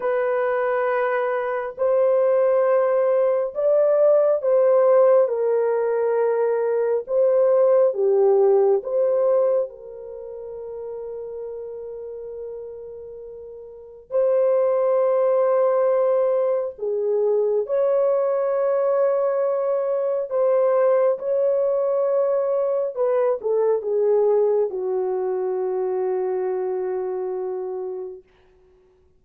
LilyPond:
\new Staff \with { instrumentName = "horn" } { \time 4/4 \tempo 4 = 68 b'2 c''2 | d''4 c''4 ais'2 | c''4 g'4 c''4 ais'4~ | ais'1 |
c''2. gis'4 | cis''2. c''4 | cis''2 b'8 a'8 gis'4 | fis'1 | }